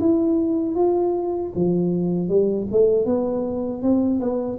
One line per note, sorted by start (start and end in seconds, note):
0.00 0.76 E4
0.76 1.52 F4
1.55 2.29 F3
2.29 2.67 G3
2.72 3.06 A3
3.06 3.83 B3
3.83 4.20 C4
4.20 4.59 B3